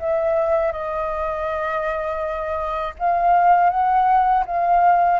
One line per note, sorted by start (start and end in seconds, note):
0.00 0.73 E5
0.73 2.95 D#5
2.99 3.70 F5
3.70 4.44 F#5
4.46 5.20 F5